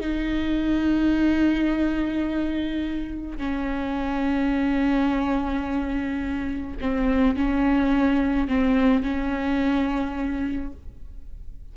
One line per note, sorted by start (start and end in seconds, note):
0.00 3.38 D#4
3.38 6.77 C#4
6.81 7.37 C4
7.37 8.48 C#4
8.48 9.03 C4
9.03 10.72 C#4